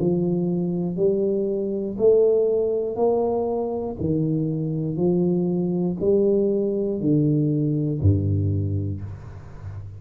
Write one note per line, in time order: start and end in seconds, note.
0.00 0.97 F3
0.97 1.97 G3
1.99 2.96 A3
2.96 3.96 A#3
4.00 4.97 D#3
4.97 5.97 F3
6.00 7.00 G3
7.01 8.01 D3
8.01 9.01 G2